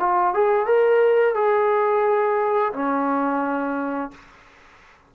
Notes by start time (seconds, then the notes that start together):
0.00 F4
0.34 G#4
0.66 A#4
1.35 G#4
2.74 C#4